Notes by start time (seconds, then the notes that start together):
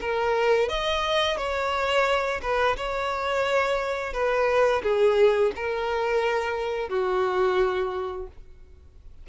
0.00 A#4
0.68 D#5
1.37 C#5
2.41 B4
2.76 C#5
4.13 B4
4.82 G#4
5.55 A#4
6.89 F#4